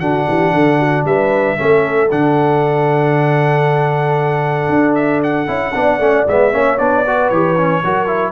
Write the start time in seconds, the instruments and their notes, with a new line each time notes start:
0.00 tuba D3, trombone D4, horn F#4, trumpet F#5
0.28 tuba E3, horn G4
0.54 tuba D3, horn A4
0.79 horn F#4
1.05 tuba G3, horn B4, trumpet E5
1.57 tuba A3, trombone C#4, horn A4
2.11 tuba D3, trombone D4, trumpet F#5
4.69 tuba D4
4.95 trumpet E5
5.24 trumpet F#5
5.47 tuba C#4, trombone E4
5.75 tuba B3, trombone D4, horn D5
5.99 tuba A3, trombone C#4
6.27 tuba G#3, trombone B3, trumpet E5
6.52 tuba A#3, trombone C#4, horn C#5
6.78 tuba B3, trombone D4, trumpet D5
7.06 trombone F#4, horn B4
7.29 tuba E3, trombone G4, trumpet C#5
7.57 trombone C#4
7.84 tuba F#3, trombone F#4, horn A#4
8.07 trombone E4